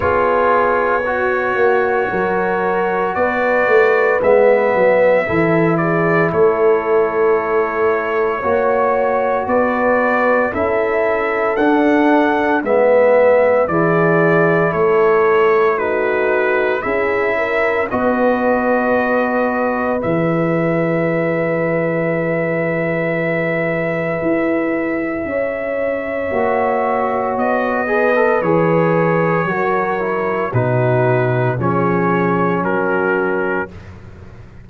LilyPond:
<<
  \new Staff \with { instrumentName = "trumpet" } { \time 4/4 \tempo 4 = 57 cis''2. d''4 | e''4. d''8 cis''2~ | cis''4 d''4 e''4 fis''4 | e''4 d''4 cis''4 b'4 |
e''4 dis''2 e''4~ | e''1~ | e''2 dis''4 cis''4~ | cis''4 b'4 cis''4 ais'4 | }
  \new Staff \with { instrumentName = "horn" } { \time 4/4 gis'4 fis'4 ais'4 b'4~ | b'4 a'8 gis'8 a'2 | cis''4 b'4 a'2 | b'4 gis'4 a'4 fis'4 |
gis'8 ais'8 b'2.~ | b'1 | cis''2~ cis''8 b'4. | ais'4 fis'4 gis'4 fis'4 | }
  \new Staff \with { instrumentName = "trombone" } { \time 4/4 f'4 fis'2. | b4 e'2. | fis'2 e'4 d'4 | b4 e'2 dis'4 |
e'4 fis'2 gis'4~ | gis'1~ | gis'4 fis'4. gis'16 a'16 gis'4 | fis'8 e'8 dis'4 cis'2 | }
  \new Staff \with { instrumentName = "tuba" } { \time 4/4 b4. ais8 fis4 b8 a8 | gis8 fis8 e4 a2 | ais4 b4 cis'4 d'4 | gis4 e4 a2 |
cis'4 b2 e4~ | e2. e'4 | cis'4 ais4 b4 e4 | fis4 b,4 f4 fis4 | }
>>